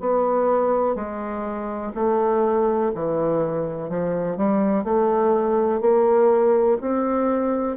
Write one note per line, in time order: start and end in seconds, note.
0.00 0.95 B3
0.95 1.92 G#3
1.95 2.92 A3
2.95 3.89 E3
3.89 4.37 F3
4.37 4.84 G3
4.84 5.81 A3
5.81 6.78 A#3
6.81 7.77 C4